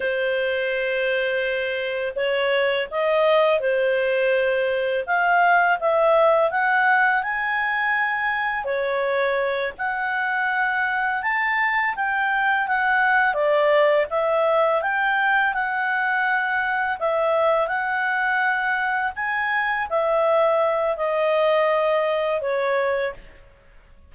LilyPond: \new Staff \with { instrumentName = "clarinet" } { \time 4/4 \tempo 4 = 83 c''2. cis''4 | dis''4 c''2 f''4 | e''4 fis''4 gis''2 | cis''4. fis''2 a''8~ |
a''8 g''4 fis''4 d''4 e''8~ | e''8 g''4 fis''2 e''8~ | e''8 fis''2 gis''4 e''8~ | e''4 dis''2 cis''4 | }